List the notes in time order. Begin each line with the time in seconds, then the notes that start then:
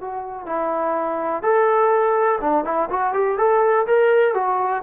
0.00 F#4
0.46 E4
1.42 A4
2.40 D4
2.64 E4
2.89 F#4
3.13 G4
3.37 A4
3.86 A#4
4.34 F#4